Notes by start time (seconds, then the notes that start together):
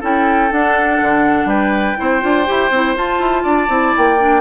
0.00 C#4 E4 A4 G5
0.51 D4 F#5
1.01 D3
1.45 G3 B4 G5
1.97 C4 E4 C5
2.20 D4 F4
2.46 E4 G4
2.70 C4 E4
2.96 F4 A5
3.19 E4
3.43 D4 D5
3.68 C4 E4
3.97 A#3 G5
4.19 D4